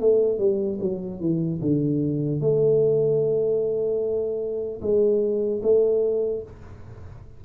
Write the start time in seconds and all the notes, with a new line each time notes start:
0.00 A3
0.39 G3
0.80 F#3
1.20 E3
1.61 D3
2.40 A3
4.81 G#3
5.62 A3